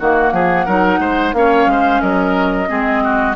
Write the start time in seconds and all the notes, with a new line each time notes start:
0.00 D#3 A#3 F#4 F#5
0.33 F3 G#4
0.66 F#3 D#4 A#4
1.00 G#3 C5
1.33 A#3 C#4 C#5 F5
1.67 G#3 C5
2.01 F#3 A#4 D#5
2.68 G#3 C4 G#4
3.04 F#4